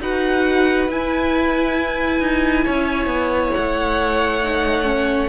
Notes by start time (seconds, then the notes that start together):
0.00 D#4 F#4 B4 F#5
0.88 E4 G#5
2.20 D#4
2.65 C#4 C#5
3.06 B3
3.53 A3 F#5
4.43 D#4
4.84 C#4